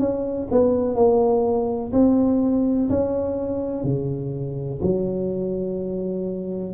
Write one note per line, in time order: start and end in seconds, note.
0.00 0.48 C#4
0.52 0.96 B3
0.96 1.93 A#3
1.93 2.90 C4
2.90 3.84 C#4
3.84 4.81 C#3
4.83 6.75 F#3